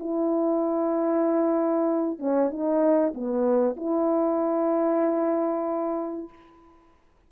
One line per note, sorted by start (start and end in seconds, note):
0.00 2.19 E4
2.19 2.50 C#4
2.50 3.13 D#4
3.14 3.76 B3
3.76 6.29 E4